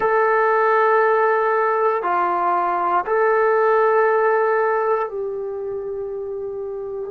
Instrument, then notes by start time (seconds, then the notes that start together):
trombone
0.00 A4
2.02 F4
3.06 A4
5.08 G4